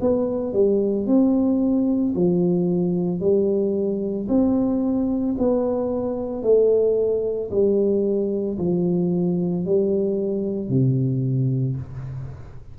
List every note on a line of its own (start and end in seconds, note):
0.00 0.53 B3
0.53 1.06 G3
1.06 2.13 C4
2.15 3.20 F3
3.20 4.27 G3
4.28 5.35 C4
5.38 6.42 B3
6.42 7.50 A3
7.50 8.58 G3
8.58 9.65 F3
9.65 10.69 G3
10.69 11.76 C3